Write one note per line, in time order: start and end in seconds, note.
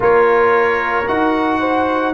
0.00 1.06 A#3
0.00 1.05 F4
0.00 1.59 A#4
0.00 1.07 C#5
1.07 2.14 D#4
1.07 2.14 F#4
1.07 2.14 F#5
1.59 2.13 C5